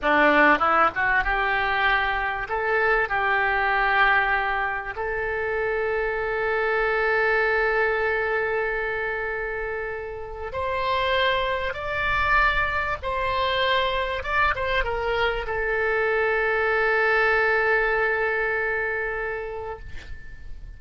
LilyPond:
\new Staff \with { instrumentName = "oboe" } { \time 4/4 \tempo 4 = 97 d'4 e'8 fis'8 g'2 | a'4 g'2. | a'1~ | a'1~ |
a'4 c''2 d''4~ | d''4 c''2 d''8 c''8 | ais'4 a'2.~ | a'1 | }